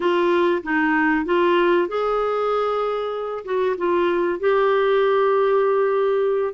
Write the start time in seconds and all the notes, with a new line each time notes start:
0.00 F4
0.63 D#4
1.25 F4
1.88 G#4
3.44 F#4
3.77 F4
4.39 G4